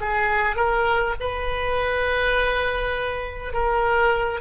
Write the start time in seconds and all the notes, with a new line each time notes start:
0.00 G#4
0.56 A#4
1.20 B4
3.53 A#4